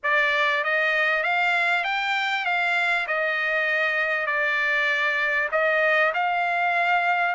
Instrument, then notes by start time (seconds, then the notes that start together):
trumpet
0.03 D5
0.64 D#5
1.23 F5
1.83 G5
2.45 F5
3.07 D#5
4.26 D5
5.51 D#5
6.14 F5